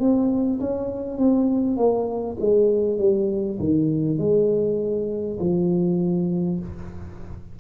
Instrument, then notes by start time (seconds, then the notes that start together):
tuba
0.00 C4
0.61 C#4
1.18 C4
1.77 A#3
2.41 G#3
2.99 G3
3.59 D#3
4.19 G#3
5.40 F3